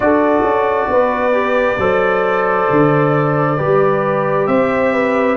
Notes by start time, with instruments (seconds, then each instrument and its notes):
0.00 tuba D4, trombone F#4, horn A4, trumpet D5
0.42 tuba C#4
0.87 tuba B3, horn B4
1.32 trombone G4
1.77 tuba F#3, trombone A4, horn C5
2.70 tuba D3
3.57 tuba G3, trombone G4, horn B4
4.46 tuba C4, horn C5, trumpet E5
4.93 horn B4